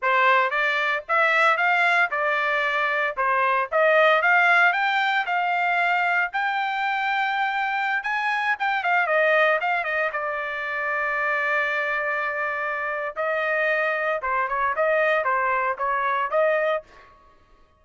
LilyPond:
\new Staff \with { instrumentName = "trumpet" } { \time 4/4 \tempo 4 = 114 c''4 d''4 e''4 f''4 | d''2 c''4 dis''4 | f''4 g''4 f''2 | g''2.~ g''16 gis''8.~ |
gis''16 g''8 f''8 dis''4 f''8 dis''8 d''8.~ | d''1~ | d''4 dis''2 c''8 cis''8 | dis''4 c''4 cis''4 dis''4 | }